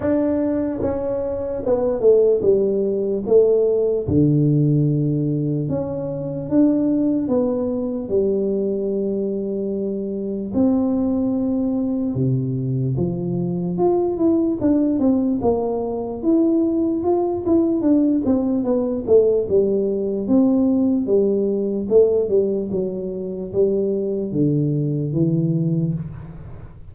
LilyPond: \new Staff \with { instrumentName = "tuba" } { \time 4/4 \tempo 4 = 74 d'4 cis'4 b8 a8 g4 | a4 d2 cis'4 | d'4 b4 g2~ | g4 c'2 c4 |
f4 f'8 e'8 d'8 c'8 ais4 | e'4 f'8 e'8 d'8 c'8 b8 a8 | g4 c'4 g4 a8 g8 | fis4 g4 d4 e4 | }